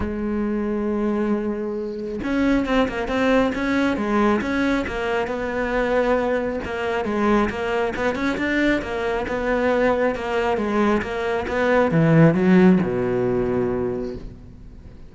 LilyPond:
\new Staff \with { instrumentName = "cello" } { \time 4/4 \tempo 4 = 136 gis1~ | gis4 cis'4 c'8 ais8 c'4 | cis'4 gis4 cis'4 ais4 | b2. ais4 |
gis4 ais4 b8 cis'8 d'4 | ais4 b2 ais4 | gis4 ais4 b4 e4 | fis4 b,2. | }